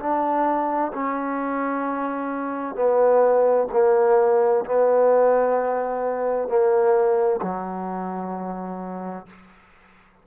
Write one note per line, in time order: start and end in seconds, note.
0.00 0.92 D4
0.94 2.76 C#4
2.76 3.68 B3
3.73 4.65 A#3
4.66 6.49 B3
6.49 7.41 A#3
7.42 9.27 F#3